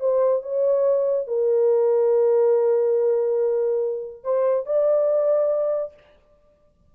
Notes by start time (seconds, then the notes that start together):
0.00 C5
0.42 C#5
1.27 A#4
4.24 C5
4.66 D5